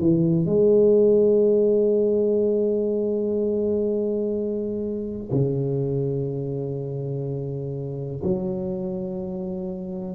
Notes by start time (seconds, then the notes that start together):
0.00 E3
0.46 G#3
5.32 C#3
8.24 F#3